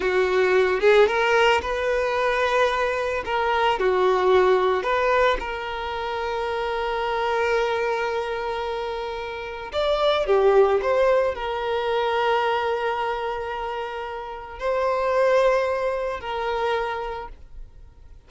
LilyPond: \new Staff \with { instrumentName = "violin" } { \time 4/4 \tempo 4 = 111 fis'4. gis'8 ais'4 b'4~ | b'2 ais'4 fis'4~ | fis'4 b'4 ais'2~ | ais'1~ |
ais'2 d''4 g'4 | c''4 ais'2.~ | ais'2. c''4~ | c''2 ais'2 | }